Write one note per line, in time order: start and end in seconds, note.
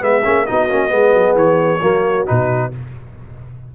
0.00 0.25 G#3
0.00 0.22 B3
0.00 0.48 G#4
0.00 0.46 E5
0.24 0.49 A#3
0.24 0.47 C#4
0.46 0.70 B3
0.46 0.69 D#4
0.46 0.93 F#4
0.46 1.36 D#5
0.70 0.91 A#3
0.70 0.89 C#4
0.89 1.14 G#3
0.89 1.79 B3
0.89 1.81 G#4
1.14 1.35 F#3
1.35 1.80 E3
1.35 2.27 C#5
1.81 2.27 F#3
1.81 2.26 A#3
1.81 2.70 F#4
2.26 2.75 B2
2.26 2.71 D#4
2.26 2.72 B4